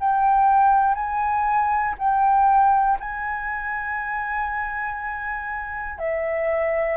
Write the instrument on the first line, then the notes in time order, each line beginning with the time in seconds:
flute
0.00 G5
0.95 G#5
1.98 G5
3.00 G#5
5.99 E5